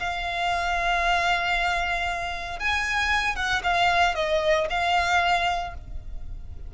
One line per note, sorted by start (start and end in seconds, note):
0.00 2.60 F5
2.60 3.36 G#5
3.36 3.62 F#5
3.64 4.15 F5
4.15 4.68 D#5
4.70 5.75 F5